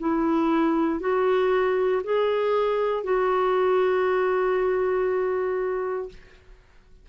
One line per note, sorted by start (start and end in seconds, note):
0.00 1.00 E4
1.00 2.02 F#4
2.04 3.04 G#4
3.04 6.09 F#4